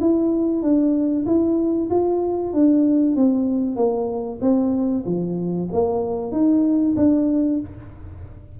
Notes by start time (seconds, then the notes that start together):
0.00 E4
0.62 D4
1.26 E4
1.90 F4
2.53 D4
3.16 C4
3.76 A#3
4.41 C4
5.06 F3
5.72 A#3
6.32 D#4
6.96 D4